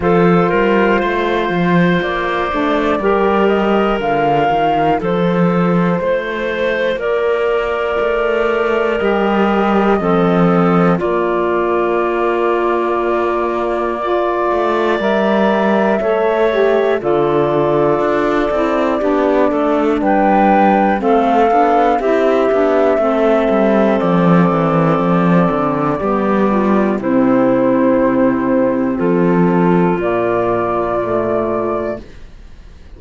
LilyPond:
<<
  \new Staff \with { instrumentName = "flute" } { \time 4/4 \tempo 4 = 60 c''2 d''4. dis''8 | f''4 c''2 d''4~ | d''4 dis''2 d''4~ | d''2. e''4~ |
e''4 d''2. | g''4 f''4 e''2 | d''2. c''4~ | c''4 a'4 d''2 | }
  \new Staff \with { instrumentName = "clarinet" } { \time 4/4 a'8 ais'8 c''2 ais'4~ | ais'4 a'4 c''4 ais'4~ | ais'2 a'4 f'4~ | f'2 d''2 |
cis''4 a'2 g'8 a'8 | b'4 a'4 g'4 a'4~ | a'2 g'8 f'8 e'4~ | e'4 f'2. | }
  \new Staff \with { instrumentName = "saxophone" } { \time 4/4 f'2~ f'8 d'8 g'4 | f'1~ | f'4 g'4 c'4 ais4~ | ais2 f'4 ais'4 |
a'8 g'8 f'4. e'8 d'4~ | d'4 c'8 d'8 e'8 d'8 c'4~ | c'2 b4 c'4~ | c'2 ais4 a4 | }
  \new Staff \with { instrumentName = "cello" } { \time 4/4 f8 g8 a8 f8 ais8 a8 g4 | d8 dis8 f4 a4 ais4 | a4 g4 f4 ais4~ | ais2~ ais8 a8 g4 |
a4 d4 d'8 c'8 b8 a8 | g4 a8 b8 c'8 b8 a8 g8 | f8 e8 f8 d8 g4 c4~ | c4 f4 ais,2 | }
>>